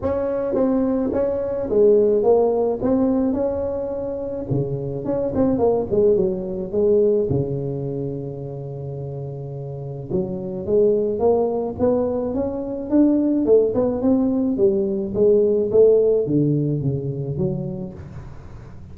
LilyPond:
\new Staff \with { instrumentName = "tuba" } { \time 4/4 \tempo 4 = 107 cis'4 c'4 cis'4 gis4 | ais4 c'4 cis'2 | cis4 cis'8 c'8 ais8 gis8 fis4 | gis4 cis2.~ |
cis2 fis4 gis4 | ais4 b4 cis'4 d'4 | a8 b8 c'4 g4 gis4 | a4 d4 cis4 fis4 | }